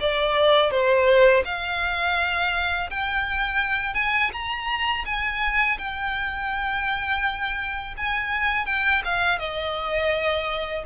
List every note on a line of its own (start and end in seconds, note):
0.00 0.71 D5
0.71 1.43 C5
1.45 2.89 F5
2.90 3.94 G5
3.94 4.30 G#5
4.32 5.05 A#5
5.05 5.78 G#5
5.78 7.95 G5
7.97 8.66 G#5
8.66 9.02 G5
9.05 9.39 F5
9.39 10.84 D#5